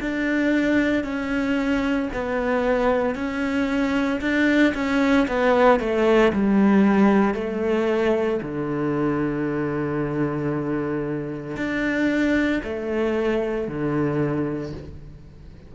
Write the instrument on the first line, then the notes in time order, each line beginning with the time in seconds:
cello
0.00 D4
1.04 C#4
2.13 B3
3.15 C#4
4.21 D4
4.74 C#4
5.28 B3
5.79 A3
6.33 G3
7.34 A3
8.42 D3
11.56 D4
12.64 A3
13.67 D3